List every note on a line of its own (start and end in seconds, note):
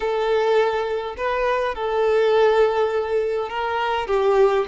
0.00 1.15 A4
1.17 1.74 B4
1.74 3.49 A4
3.49 4.07 A#4
4.07 4.65 G4